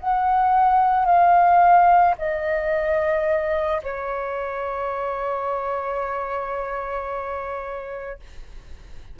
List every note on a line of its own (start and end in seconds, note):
0.00 1.06 F#5
1.06 2.15 F5
2.18 3.82 D#5
3.83 8.19 C#5